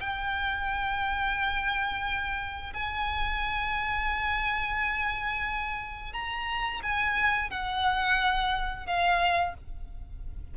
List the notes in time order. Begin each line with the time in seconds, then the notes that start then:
0.00 G5
2.73 G#5
6.12 A#5
6.82 G#5
7.50 F#5
8.86 F5